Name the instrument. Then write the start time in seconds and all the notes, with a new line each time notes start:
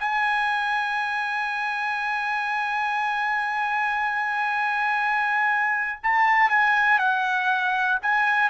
trumpet
0.00 G#5
6.04 A5
6.50 G#5
6.99 F#5
8.03 G#5